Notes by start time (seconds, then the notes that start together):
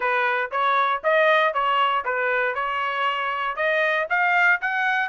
0.00 B4
0.51 C#5
1.03 D#5
1.53 C#5
2.04 B4
2.54 C#5
3.55 D#5
4.09 F5
4.61 F#5